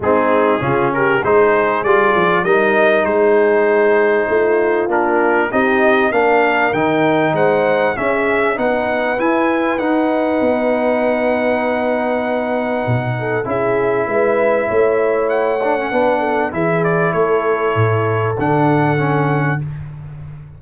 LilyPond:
<<
  \new Staff \with { instrumentName = "trumpet" } { \time 4/4 \tempo 4 = 98 gis'4. ais'8 c''4 d''4 | dis''4 c''2. | ais'4 dis''4 f''4 g''4 | fis''4 e''4 fis''4 gis''4 |
fis''1~ | fis''2 e''2~ | e''4 fis''2 e''8 d''8 | cis''2 fis''2 | }
  \new Staff \with { instrumentName = "horn" } { \time 4/4 dis'4 f'8 g'8 gis'2 | ais'4 gis'2 f'4~ | f'4 g'4 ais'2 | c''4 gis'4 b'2~ |
b'1~ | b'4. a'8 gis'4 b'4 | cis''2 b'8 a'8 gis'4 | a'1 | }
  \new Staff \with { instrumentName = "trombone" } { \time 4/4 c'4 cis'4 dis'4 f'4 | dis'1 | d'4 dis'4 d'4 dis'4~ | dis'4 cis'4 dis'4 e'4 |
dis'1~ | dis'2 e'2~ | e'4. d'16 cis'16 d'4 e'4~ | e'2 d'4 cis'4 | }
  \new Staff \with { instrumentName = "tuba" } { \time 4/4 gis4 cis4 gis4 g8 f8 | g4 gis2 a4 | ais4 c'4 ais4 dis4 | gis4 cis'4 b4 e'4 |
dis'4 b2.~ | b4 b,4 cis'4 gis4 | a2 b4 e4 | a4 a,4 d2 | }
>>